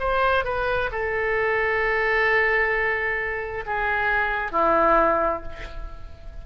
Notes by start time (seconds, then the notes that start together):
0.00 C5
0.45 B4
0.92 A4
3.67 G#4
4.52 E4